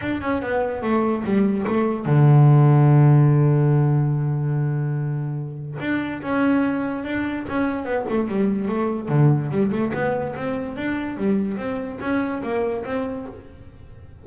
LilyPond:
\new Staff \with { instrumentName = "double bass" } { \time 4/4 \tempo 4 = 145 d'8 cis'8 b4 a4 g4 | a4 d2.~ | d1~ | d2 d'4 cis'4~ |
cis'4 d'4 cis'4 b8 a8 | g4 a4 d4 g8 a8 | b4 c'4 d'4 g4 | c'4 cis'4 ais4 c'4 | }